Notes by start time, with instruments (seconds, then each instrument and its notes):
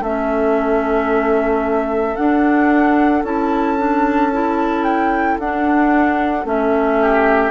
0.00 bassoon A3, clarinet C#4, oboe A4, flute E5
2.15 clarinet D4, bassoon D4, flute F#5
3.23 bassoon C#4, clarinet E4, flute A5
3.78 clarinet D4
4.32 clarinet E4
4.84 flute G5
5.39 bassoon D4, clarinet D4, flute F#5
6.44 bassoon A3, clarinet C#4, flute E5
7.01 oboe G4